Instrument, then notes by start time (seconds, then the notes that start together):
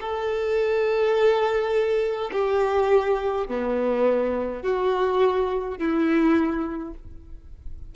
violin
0.00 A4
2.32 G4
3.47 B3
4.63 F#4
5.78 E4